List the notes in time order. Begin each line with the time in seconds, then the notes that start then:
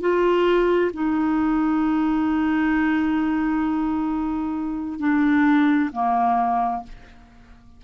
0.00 F4
0.93 D#4
4.99 D4
5.92 A#3